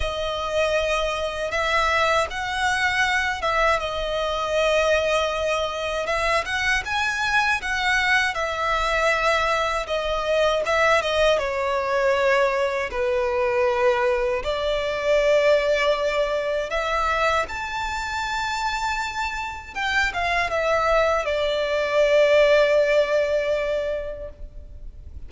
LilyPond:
\new Staff \with { instrumentName = "violin" } { \time 4/4 \tempo 4 = 79 dis''2 e''4 fis''4~ | fis''8 e''8 dis''2. | e''8 fis''8 gis''4 fis''4 e''4~ | e''4 dis''4 e''8 dis''8 cis''4~ |
cis''4 b'2 d''4~ | d''2 e''4 a''4~ | a''2 g''8 f''8 e''4 | d''1 | }